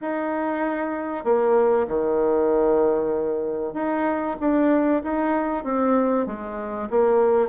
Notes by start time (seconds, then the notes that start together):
0.01 D#4
1.24 A#3
1.87 D#3
3.73 D#4
4.39 D4
5.03 D#4
5.64 C4
6.26 G#3
6.89 A#3